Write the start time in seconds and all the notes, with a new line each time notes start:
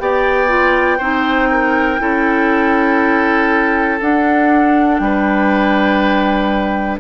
0.00 B3 G4 D5 G5
0.48 F4
0.99 C4 D#4 C5
1.51 A#4
1.99 C#4 E4 A4
4.01 D4 F#5
4.98 G3 B4 G5